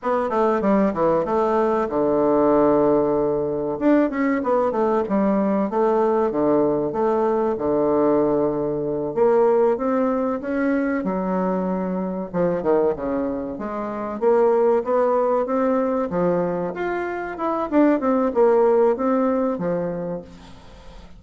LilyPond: \new Staff \with { instrumentName = "bassoon" } { \time 4/4 \tempo 4 = 95 b8 a8 g8 e8 a4 d4~ | d2 d'8 cis'8 b8 a8 | g4 a4 d4 a4 | d2~ d8 ais4 c'8~ |
c'8 cis'4 fis2 f8 | dis8 cis4 gis4 ais4 b8~ | b8 c'4 f4 f'4 e'8 | d'8 c'8 ais4 c'4 f4 | }